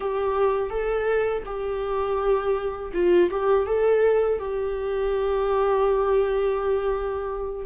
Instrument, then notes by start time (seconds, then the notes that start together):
viola
0.00 G4
0.70 A4
1.45 G4
2.93 F4
3.30 G4
3.66 A4
4.39 G4